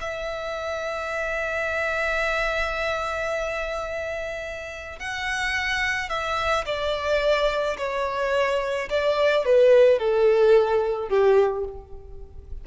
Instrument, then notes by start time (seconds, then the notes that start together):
violin
0.00 E5
4.99 F#5
6.09 E5
6.65 D5
7.78 C#5
8.89 D5
9.45 B4
9.99 A4
11.09 G4